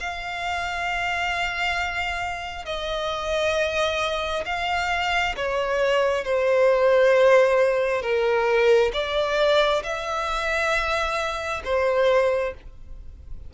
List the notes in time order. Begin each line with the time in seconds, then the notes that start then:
0.00 F5
2.65 D#5
4.46 F5
5.36 C#5
6.24 C5
8.02 A#4
8.93 D5
9.83 E5
11.65 C5